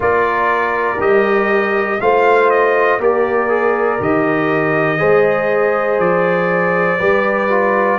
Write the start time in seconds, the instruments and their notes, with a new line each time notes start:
0.00 tuba A#3, trombone F4, horn A#4, trumpet D5
0.99 tuba G3, trombone G4, trumpet D#5
2.00 tuba A3, trombone F4, horn C5, trumpet F5
2.50 trumpet D#5
2.98 tuba A#3, trombone G4, horn A#4, trumpet D5
3.49 trombone G#4
3.99 tuba D#3, trombone G4, trumpet D#5
4.97 tuba G#3, trombone G#4, horn C5
5.99 tuba F3, trumpet D5
6.98 tuba G3, trombone G4, horn B4
7.49 trombone F4